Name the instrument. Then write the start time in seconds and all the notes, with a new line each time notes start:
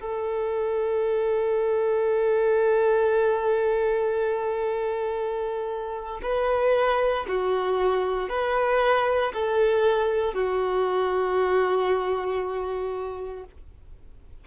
violin
0.00 A4
6.22 B4
7.27 F#4
8.29 B4
9.33 A4
10.33 F#4